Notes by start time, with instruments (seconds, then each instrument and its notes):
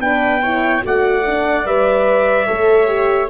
0.00 tuba B3, horn D4, viola B4, trumpet G5
0.43 horn E4, viola C#5
0.82 tuba A3, horn F#4, viola D5, trumpet F#5
1.27 horn D4
1.66 tuba G3, horn B4, trumpet E5
2.47 tuba A3, horn A4, viola C#5
2.87 horn G4